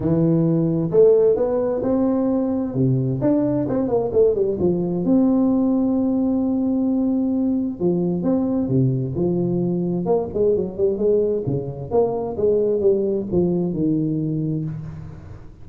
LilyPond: \new Staff \with { instrumentName = "tuba" } { \time 4/4 \tempo 4 = 131 e2 a4 b4 | c'2 c4 d'4 | c'8 ais8 a8 g8 f4 c'4~ | c'1~ |
c'4 f4 c'4 c4 | f2 ais8 gis8 fis8 g8 | gis4 cis4 ais4 gis4 | g4 f4 dis2 | }